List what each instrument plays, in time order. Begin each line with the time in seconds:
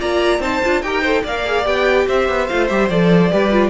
0.00 cello A#3, viola F4, violin D5 A#5
0.40 cello C4, viola D#4, violin C5 A5
0.64 cello D4, viola F4
0.82 cello D#4, viola G4, violin A#4 G5
1.02 viola A4, violin C5
1.23 cello A#3, viola A#4, violin D5 F5
1.47 viola G#4
1.64 cello B3, viola G4, violin G5
2.08 cello C4, violin C5 E5
2.29 cello B3
2.47 cello A3, viola F4, violin F5
2.68 cello G3, viola G4, violin E5
2.90 cello F3, viola A4, violin D5
3.31 cello G3, viola G4, violin B4
3.52 viola F4